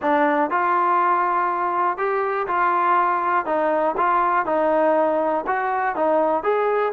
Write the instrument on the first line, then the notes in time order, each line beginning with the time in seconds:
trombone
0.02 D4
0.50 F4
1.97 G4
2.47 F4
3.45 D#4
3.97 F4
4.45 D#4
5.46 F#4
5.95 D#4
6.43 G#4